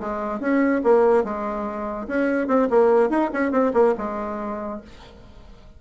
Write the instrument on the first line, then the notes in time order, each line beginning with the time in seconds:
bassoon
0.00 G#3
0.40 C#4
0.84 A#3
1.24 G#3
2.07 C#4
2.48 C4
2.70 A#3
3.10 D#4
3.33 C#4
3.52 C4
3.73 A#3
3.98 G#3